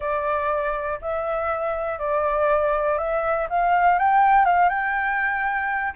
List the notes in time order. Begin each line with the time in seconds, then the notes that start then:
0.00 D5
1.01 E5
1.98 D5
2.98 E5
3.49 F5
3.98 G5
4.45 F5
4.69 G5